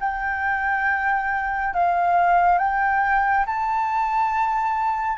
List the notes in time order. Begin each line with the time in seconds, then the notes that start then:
0.00 G5
1.74 F5
2.58 G5
3.46 A5